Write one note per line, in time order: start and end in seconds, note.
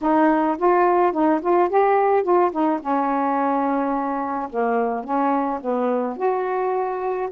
0.01 0.57 D#4
0.58 1.12 F4
1.12 1.40 D#4
1.41 1.69 F4
1.69 2.23 G4
2.23 2.51 F4
2.51 2.79 D#4
2.81 4.49 C#4
4.49 5.03 A#3
5.03 5.59 C#4
5.60 6.17 B3
6.17 7.29 F#4